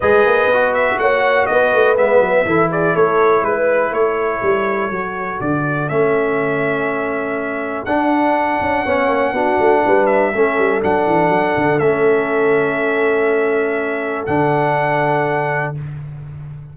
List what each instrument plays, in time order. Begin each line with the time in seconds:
0.00 tuba G#3, trombone G#4, horn B4, trumpet D#5
0.25 tuba A#3
0.46 tuba B3
0.52 trombone F#4
0.74 trumpet E5
0.98 tuba A#3, horn C#5, trumpet F#5
1.46 tuba B3, horn B4, trumpet D#5
1.72 tuba A3
1.96 tuba G#3, trombone B3, trumpet E5
2.20 tuba F#3
2.45 tuba E3, trombone E4, horn A4
2.70 horn G#4, trumpet D5
2.95 tuba A3, horn A4, trumpet C#5
3.42 tuba G#3, trumpet B4, horn B4
3.91 tuba A3, horn A4, trumpet C#5
4.42 tuba G3
4.90 tuba F#3, trombone F#4
5.40 tuba D3, trumpet D5
5.88 tuba A3, trombone C#4, trumpet E5
7.85 tuba D4, trombone D4, trumpet F#5
8.60 tuba C#4
8.83 tuba B3, trombone C#4, horn C#5
9.07 tuba A#3
9.32 tuba B3, trombone D4, horn F#4
9.59 tuba A3
9.85 tuba G3, horn B4
10.06 trumpet E5
10.33 tuba A3, trombone C#4, horn A4
10.58 tuba G3
10.81 tuba F#3, trombone D4, trumpet F#5
11.06 tuba E3
11.28 tuba F#3
11.56 tuba D3
11.79 tuba A3, trombone C#4, trumpet E5
14.26 tuba D3, trombone D4, trumpet F#5